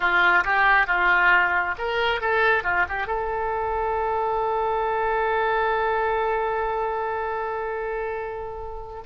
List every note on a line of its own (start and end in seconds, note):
0.00 0.44 F4
0.44 0.87 G4
0.87 1.75 F4
1.78 2.20 A#4
2.20 2.63 A4
2.63 2.85 F4
2.88 3.06 G4
3.06 9.02 A4